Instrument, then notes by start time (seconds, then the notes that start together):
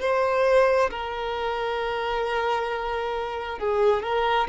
violin
0.00 C5
0.90 A#4
3.59 G#4
4.03 A#4